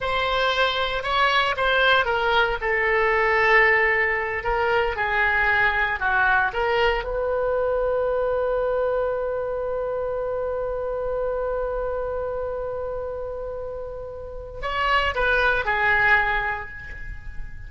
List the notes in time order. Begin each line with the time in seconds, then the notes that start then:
0.00 C5
1.03 C#5
1.57 C5
2.05 A#4
2.61 A4
4.43 A#4
4.96 G#4
5.99 F#4
6.53 A#4
7.04 B4
14.62 C#5
15.14 B4
15.65 G#4